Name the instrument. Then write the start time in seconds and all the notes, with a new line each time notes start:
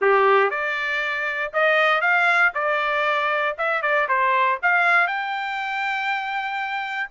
trumpet
0.01 G4
0.50 D5
1.53 D#5
2.01 F5
2.54 D5
3.57 E5
3.82 D5
4.08 C5
4.62 F5
5.07 G5